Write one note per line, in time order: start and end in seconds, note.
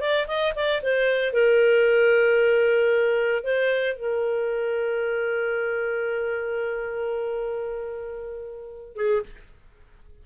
0.00 0.26 D5
0.27 0.53 D#5
0.55 0.81 D5
0.82 1.33 C5
1.33 3.43 A#4
3.43 3.95 C5
3.95 8.95 A#4
8.95 9.22 G#4